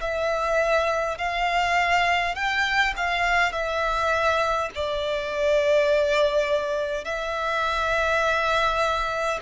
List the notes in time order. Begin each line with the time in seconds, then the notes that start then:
0.00 E5
1.18 F5
2.35 G5
2.96 F5
3.52 E5
4.74 D5
7.04 E5